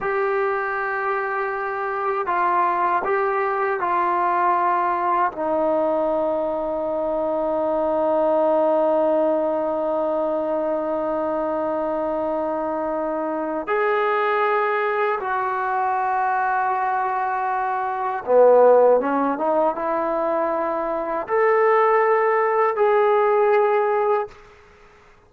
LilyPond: \new Staff \with { instrumentName = "trombone" } { \time 4/4 \tempo 4 = 79 g'2. f'4 | g'4 f'2 dis'4~ | dis'1~ | dis'1~ |
dis'2 gis'2 | fis'1 | b4 cis'8 dis'8 e'2 | a'2 gis'2 | }